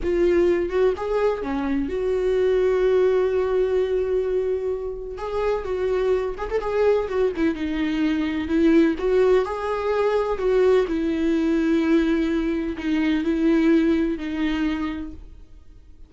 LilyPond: \new Staff \with { instrumentName = "viola" } { \time 4/4 \tempo 4 = 127 f'4. fis'8 gis'4 cis'4 | fis'1~ | fis'2. gis'4 | fis'4. gis'16 a'16 gis'4 fis'8 e'8 |
dis'2 e'4 fis'4 | gis'2 fis'4 e'4~ | e'2. dis'4 | e'2 dis'2 | }